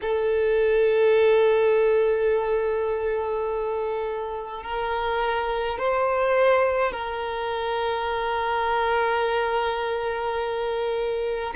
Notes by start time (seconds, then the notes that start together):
0.01 A4
4.63 A#4
5.78 C5
6.92 A#4